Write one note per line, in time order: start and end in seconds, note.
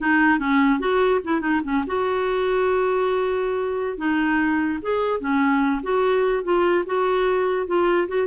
0.00 0.39 D#4
0.39 0.79 C#4
0.79 1.20 F#4
1.24 1.40 E4
1.40 1.61 D#4
1.63 1.84 C#4
1.86 3.97 F#4
3.97 4.79 D#4
4.81 5.20 G#4
5.20 5.81 C#4
5.83 6.43 F#4
6.43 6.84 F4
6.86 7.66 F#4
7.66 8.07 F4
8.07 8.27 F#4